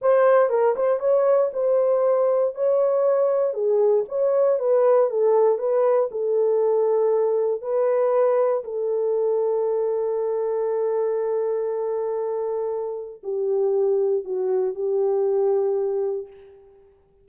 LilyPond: \new Staff \with { instrumentName = "horn" } { \time 4/4 \tempo 4 = 118 c''4 ais'8 c''8 cis''4 c''4~ | c''4 cis''2 gis'4 | cis''4 b'4 a'4 b'4 | a'2. b'4~ |
b'4 a'2.~ | a'1~ | a'2 g'2 | fis'4 g'2. | }